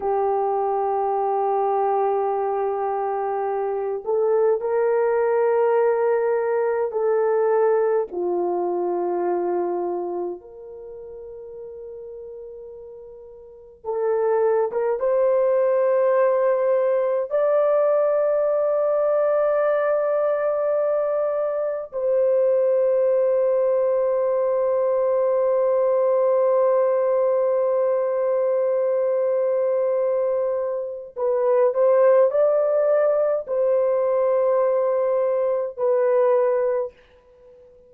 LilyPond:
\new Staff \with { instrumentName = "horn" } { \time 4/4 \tempo 4 = 52 g'2.~ g'8 a'8 | ais'2 a'4 f'4~ | f'4 ais'2. | a'8. ais'16 c''2 d''4~ |
d''2. c''4~ | c''1~ | c''2. b'8 c''8 | d''4 c''2 b'4 | }